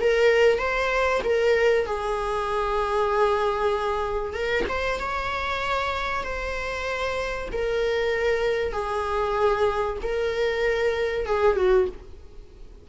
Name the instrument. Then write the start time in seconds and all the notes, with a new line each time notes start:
viola
0.00 A#4
0.58 C5
1.24 A#4
1.86 G#4
4.33 A#4
4.68 C5
4.99 C#5
6.23 C5
7.52 A#4
8.72 G#4
10.02 A#4
11.26 G#4
11.56 F#4